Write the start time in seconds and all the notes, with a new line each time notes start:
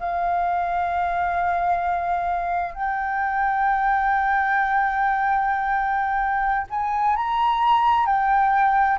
0.00 F5
2.75 G5
6.70 G#5
7.17 A#5
8.06 G5